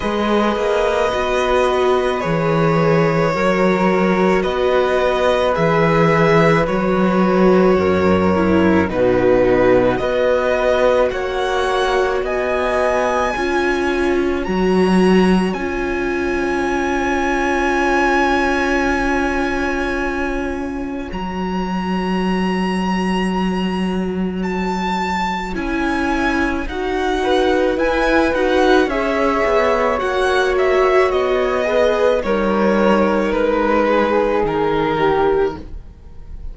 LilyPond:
<<
  \new Staff \with { instrumentName = "violin" } { \time 4/4 \tempo 4 = 54 dis''2 cis''2 | dis''4 e''4 cis''2 | b'4 dis''4 fis''4 gis''4~ | gis''4 ais''4 gis''2~ |
gis''2. ais''4~ | ais''2 a''4 gis''4 | fis''4 gis''8 fis''8 e''4 fis''8 e''8 | dis''4 cis''4 b'4 ais'4 | }
  \new Staff \with { instrumentName = "flute" } { \time 4/4 b'2. ais'4 | b'2. ais'4 | fis'4 b'4 cis''4 dis''4 | cis''1~ |
cis''1~ | cis''1~ | cis''8 b'4. cis''2~ | cis''8 b'8 ais'4. gis'4 g'8 | }
  \new Staff \with { instrumentName = "viola" } { \time 4/4 gis'4 fis'4 gis'4 fis'4~ | fis'4 gis'4 fis'4. e'8 | dis'4 fis'2. | f'4 fis'4 f'2~ |
f'2. fis'4~ | fis'2. e'4 | fis'4 e'8 fis'8 gis'4 fis'4~ | fis'8 gis'8 dis'2. | }
  \new Staff \with { instrumentName = "cello" } { \time 4/4 gis8 ais8 b4 e4 fis4 | b4 e4 fis4 fis,4 | b,4 b4 ais4 b4 | cis'4 fis4 cis'2~ |
cis'2. fis4~ | fis2. cis'4 | dis'4 e'8 dis'8 cis'8 b8 ais4 | b4 g4 gis4 dis4 | }
>>